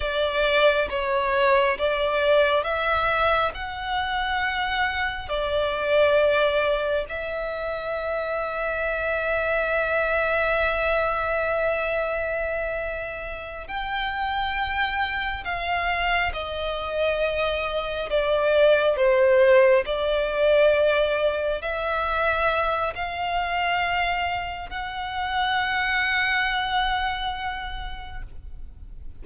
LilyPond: \new Staff \with { instrumentName = "violin" } { \time 4/4 \tempo 4 = 68 d''4 cis''4 d''4 e''4 | fis''2 d''2 | e''1~ | e''2.~ e''8 g''8~ |
g''4. f''4 dis''4.~ | dis''8 d''4 c''4 d''4.~ | d''8 e''4. f''2 | fis''1 | }